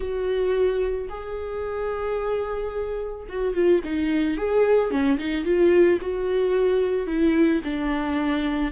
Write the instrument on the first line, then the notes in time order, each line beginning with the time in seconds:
viola
0.00 F#4
1.09 G#4
3.29 F#4
3.54 F4
3.84 D#4
4.37 G#4
4.90 C#4
5.18 D#4
5.44 F4
6.01 F#4
7.06 E4
7.64 D4